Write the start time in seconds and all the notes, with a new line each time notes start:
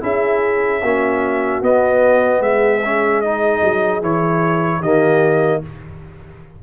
0.00 C#4 E4 G#4 E5
0.82 A#3 C#4 F#4
1.62 B3 D#5
2.40 G#3 G#4 E5
2.85 C#4
3.21 D#4 D#5
3.63 F#3
4.02 E3 E4 C#5
4.81 D#3 A#3 G4 D#5